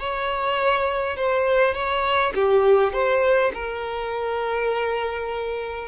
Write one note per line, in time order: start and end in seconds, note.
0.00 1.17 C#5
1.17 1.75 C5
1.75 2.34 C#5
2.35 2.94 G4
2.94 3.52 C5
3.55 5.89 A#4